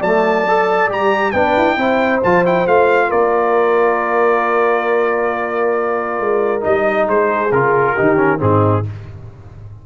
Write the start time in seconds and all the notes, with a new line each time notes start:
0.00 F#3 A3 D5 A5
0.47 A4
0.89 G3 G4 A#5
1.31 B3 D4 B4 G5
1.57 E4
1.77 C4 E4 C5
2.23 F3 F4 A5
2.45 E4 G5
2.66 A3 F4 F5
3.09 A#3 A#4 D5
6.20 G#3
6.61 G3 D#4 D#5
7.07 G#3 G#4 C5
7.52 C#3 F4 A#4
7.95 D#3 D#4 G4
8.16 C#4
8.39 G#2 C4 D#4 G#4